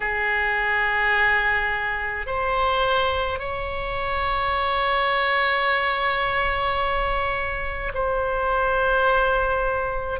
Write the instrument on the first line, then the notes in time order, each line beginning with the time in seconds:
oboe
0.00 G#4
2.26 C5
3.39 C#5
7.93 C5